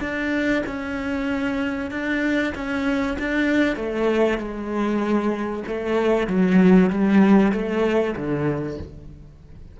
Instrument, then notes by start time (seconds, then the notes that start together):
cello
0.00 D4
0.66 C#4
1.91 D4
2.55 C#4
3.19 D4
3.76 A3
4.38 G#3
5.67 A3
6.27 F#3
6.90 G3
7.52 A3
8.16 D3